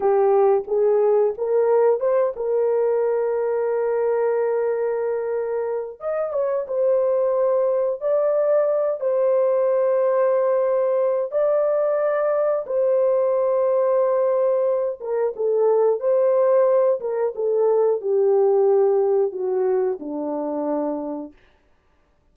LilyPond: \new Staff \with { instrumentName = "horn" } { \time 4/4 \tempo 4 = 90 g'4 gis'4 ais'4 c''8 ais'8~ | ais'1~ | ais'4 dis''8 cis''8 c''2 | d''4. c''2~ c''8~ |
c''4 d''2 c''4~ | c''2~ c''8 ais'8 a'4 | c''4. ais'8 a'4 g'4~ | g'4 fis'4 d'2 | }